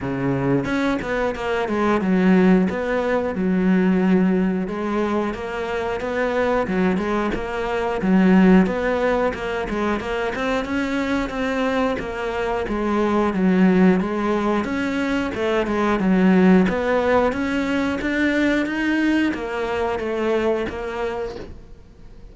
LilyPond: \new Staff \with { instrumentName = "cello" } { \time 4/4 \tempo 4 = 90 cis4 cis'8 b8 ais8 gis8 fis4 | b4 fis2 gis4 | ais4 b4 fis8 gis8 ais4 | fis4 b4 ais8 gis8 ais8 c'8 |
cis'4 c'4 ais4 gis4 | fis4 gis4 cis'4 a8 gis8 | fis4 b4 cis'4 d'4 | dis'4 ais4 a4 ais4 | }